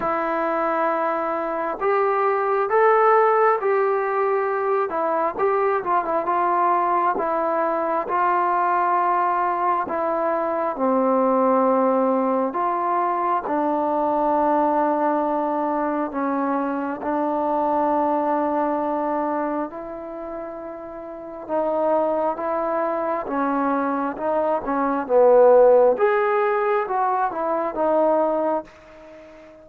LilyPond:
\new Staff \with { instrumentName = "trombone" } { \time 4/4 \tempo 4 = 67 e'2 g'4 a'4 | g'4. e'8 g'8 f'16 e'16 f'4 | e'4 f'2 e'4 | c'2 f'4 d'4~ |
d'2 cis'4 d'4~ | d'2 e'2 | dis'4 e'4 cis'4 dis'8 cis'8 | b4 gis'4 fis'8 e'8 dis'4 | }